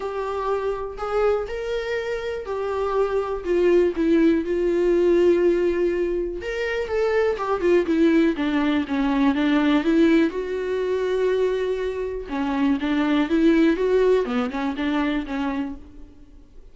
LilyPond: \new Staff \with { instrumentName = "viola" } { \time 4/4 \tempo 4 = 122 g'2 gis'4 ais'4~ | ais'4 g'2 f'4 | e'4 f'2.~ | f'4 ais'4 a'4 g'8 f'8 |
e'4 d'4 cis'4 d'4 | e'4 fis'2.~ | fis'4 cis'4 d'4 e'4 | fis'4 b8 cis'8 d'4 cis'4 | }